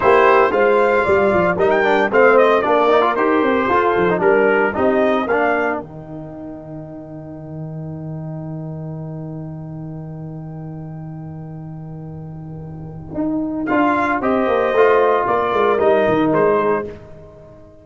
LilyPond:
<<
  \new Staff \with { instrumentName = "trumpet" } { \time 4/4 \tempo 4 = 114 c''4 f''2 dis''16 g''8. | f''8 dis''8 d''4 c''2 | ais'4 dis''4 f''4 g''4~ | g''1~ |
g''1~ | g''1~ | g''2 f''4 dis''4~ | dis''4 d''4 dis''4 c''4 | }
  \new Staff \with { instrumentName = "horn" } { \time 4/4 g'4 c''4 d''4 ais'4 | c''4 ais'2 a'4 | ais'4 g'4 ais'2~ | ais'1~ |
ais'1~ | ais'1~ | ais'2. c''4~ | c''4 ais'2~ ais'8 gis'8 | }
  \new Staff \with { instrumentName = "trombone" } { \time 4/4 e'4 f'2 dis'8 d'8 | c'4 d'8 dis'16 f'16 g'4 f'8. dis'16 | d'4 dis'4 d'4 dis'4~ | dis'1~ |
dis'1~ | dis'1~ | dis'2 f'4 g'4 | f'2 dis'2 | }
  \new Staff \with { instrumentName = "tuba" } { \time 4/4 ais4 gis4 g8 f8 g4 | a4 ais4 dis'8 c'8 f'8 f8 | g4 c'4 ais4 dis4~ | dis1~ |
dis1~ | dis1~ | dis4 dis'4 d'4 c'8 ais8 | a4 ais8 gis8 g8 dis8 gis4 | }
>>